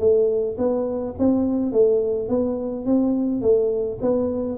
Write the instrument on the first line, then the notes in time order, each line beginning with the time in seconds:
tuba
0.00 A3
0.58 B3
1.19 C4
1.73 A3
2.29 B3
2.86 C4
3.42 A3
4.02 B3